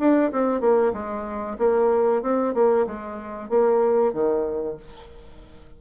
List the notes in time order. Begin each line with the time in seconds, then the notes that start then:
0.00 D4
0.32 C4
0.61 A#3
0.93 G#3
1.59 A#3
2.23 C4
2.55 A#3
2.87 G#3
3.50 A#3
4.13 D#3